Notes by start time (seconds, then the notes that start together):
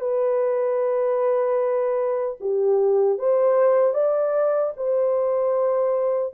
0.00 B4
2.40 G4
3.18 C5
3.93 D5
4.76 C5